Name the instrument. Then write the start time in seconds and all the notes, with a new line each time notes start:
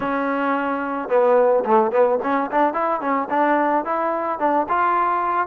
trombone
0.00 C#4
1.08 B3
1.65 A3
1.91 B3
2.22 C#4
2.51 D4
2.73 E4
3.01 C#4
3.30 D4
3.84 E4
4.39 D4
4.68 F4